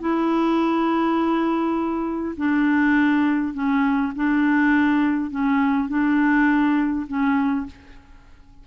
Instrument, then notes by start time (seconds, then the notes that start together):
clarinet
0.00 E4
2.37 D4
3.54 C#4
4.16 D4
5.30 C#4
5.89 D4
7.07 C#4